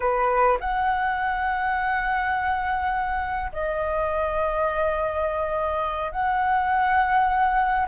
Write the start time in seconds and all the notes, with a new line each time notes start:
0.00 B4
0.60 F#5
3.52 D#5
6.11 F#5